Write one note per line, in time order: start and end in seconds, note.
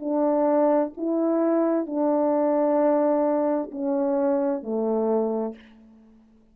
0.00 0.92 D4
0.97 1.86 E4
1.86 3.71 D4
3.71 4.63 C#4
4.63 5.56 A3